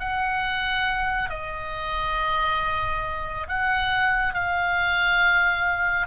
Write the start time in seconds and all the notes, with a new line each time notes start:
0.00 F#5
1.30 D#5
3.49 F#5
4.34 F5